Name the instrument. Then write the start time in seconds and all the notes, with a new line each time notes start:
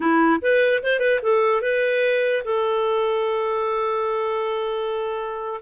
clarinet
0.00 E4
0.41 B4
0.82 C5
0.99 B4
1.22 A4
1.61 B4
2.44 A4